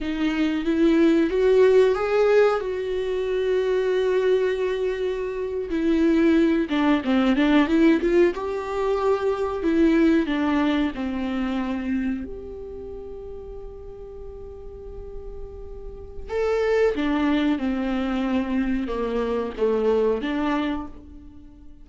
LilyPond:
\new Staff \with { instrumentName = "viola" } { \time 4/4 \tempo 4 = 92 dis'4 e'4 fis'4 gis'4 | fis'1~ | fis'8. e'4. d'8 c'8 d'8 e'16~ | e'16 f'8 g'2 e'4 d'16~ |
d'8. c'2 g'4~ g'16~ | g'1~ | g'4 a'4 d'4 c'4~ | c'4 ais4 a4 d'4 | }